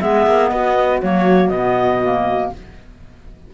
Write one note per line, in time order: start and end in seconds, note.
0.00 0.26 G#3
0.00 1.01 B3
0.00 0.52 G#4
0.00 0.48 E5
0.26 0.51 A#3
0.48 1.01 B3
0.48 2.53 F#4
0.48 0.99 D#5
1.01 1.50 F#3
1.01 1.52 A#3
1.01 1.48 C#5
1.48 2.50 B2
1.48 2.03 B3
1.48 2.49 D#5
2.03 2.53 A#3